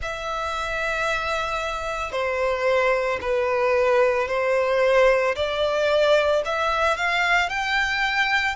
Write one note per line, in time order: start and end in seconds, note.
0.01 2.12 E5
2.12 3.19 C5
3.21 4.28 B4
4.28 5.35 C5
5.35 6.42 D5
6.45 6.96 E5
6.96 7.49 F5
7.49 8.55 G5